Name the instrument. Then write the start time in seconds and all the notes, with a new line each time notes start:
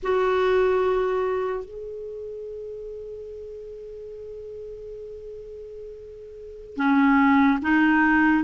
clarinet
0.03 F#4
1.64 G#4
6.76 C#4
7.61 D#4